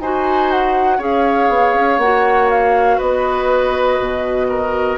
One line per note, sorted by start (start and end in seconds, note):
0.00 0.99 D#4
0.00 0.99 F#4
0.00 0.97 C5
0.00 0.50 G#5
0.51 1.01 F#5
0.97 1.49 C#4
0.97 1.99 G#4
0.97 2.97 C#5
0.97 1.99 F5
1.49 1.74 B3
1.74 1.97 C#4
1.97 2.97 A#3
1.97 4.97 F#4
1.97 2.49 F#5
2.50 2.99 F5
2.97 4.00 B3
2.97 4.47 B4
2.97 4.97 D#5
4.00 4.97 B2
4.49 4.97 A#4